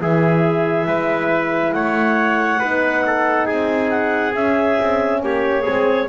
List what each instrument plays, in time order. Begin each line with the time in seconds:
0.00 double bass E3, horn E4, trumpet G#4, clarinet E5
0.87 double bass G#3, trumpet B4
1.72 double bass A3, trumpet C#5, clarinet F#5
2.59 double bass B3, horn D#4, trumpet B4
3.07 trumpet A4
3.46 double bass C4, trumpet G#4, clarinet G#5
3.90 clarinet F#5
4.35 double bass C#4, horn C#4, clarinet E5
4.81 double bass C4
5.23 double bass A#3, trumpet G4, clarinet C#5
5.62 horn C4, trumpet G#4
5.68 double bass G#3